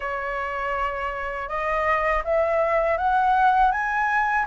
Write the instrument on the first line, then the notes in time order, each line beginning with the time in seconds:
flute
0.00 C#5
1.48 D#5
2.24 E5
2.97 F#5
3.71 G#5